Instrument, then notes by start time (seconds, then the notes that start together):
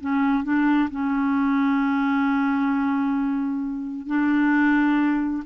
clarinet
0.00 C#4
0.43 D4
0.90 C#4
4.06 D4